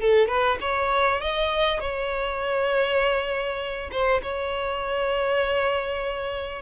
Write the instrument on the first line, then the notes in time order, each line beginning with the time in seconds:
violin
0.00 A4
0.28 B4
0.60 C#5
1.20 D#5
1.79 C#5
3.91 C5
4.22 C#5